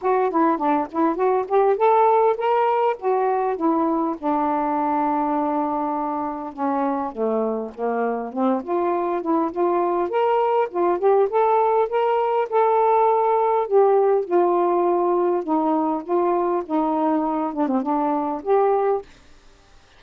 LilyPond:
\new Staff \with { instrumentName = "saxophone" } { \time 4/4 \tempo 4 = 101 fis'8 e'8 d'8 e'8 fis'8 g'8 a'4 | ais'4 fis'4 e'4 d'4~ | d'2. cis'4 | a4 ais4 c'8 f'4 e'8 |
f'4 ais'4 f'8 g'8 a'4 | ais'4 a'2 g'4 | f'2 dis'4 f'4 | dis'4. d'16 c'16 d'4 g'4 | }